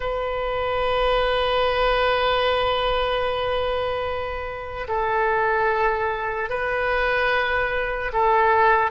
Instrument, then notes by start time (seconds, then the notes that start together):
oboe
0.00 B4
4.88 A4
6.49 B4
8.12 A4